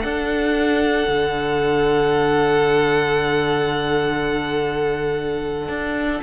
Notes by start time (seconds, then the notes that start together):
0.00 D4 A4 F#5
1.08 D3
5.69 D4